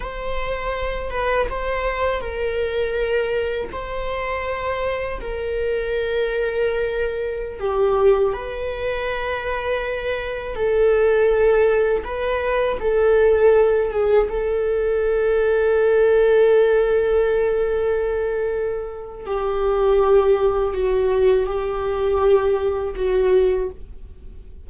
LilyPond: \new Staff \with { instrumentName = "viola" } { \time 4/4 \tempo 4 = 81 c''4. b'8 c''4 ais'4~ | ais'4 c''2 ais'4~ | ais'2~ ais'16 g'4 b'8.~ | b'2~ b'16 a'4.~ a'16~ |
a'16 b'4 a'4. gis'8 a'8.~ | a'1~ | a'2 g'2 | fis'4 g'2 fis'4 | }